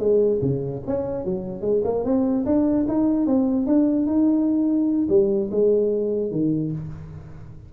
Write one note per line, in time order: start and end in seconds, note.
0.00 0.41 G#3
0.42 0.83 C#3
0.87 1.25 C#4
1.25 1.62 F#3
1.62 1.82 G#3
1.85 2.05 A#3
2.05 2.45 C4
2.46 2.87 D4
2.89 3.27 D#4
3.27 3.67 C4
3.67 4.07 D4
4.07 5.08 D#4
5.10 5.50 G3
5.52 6.32 G#3
6.32 6.72 D#3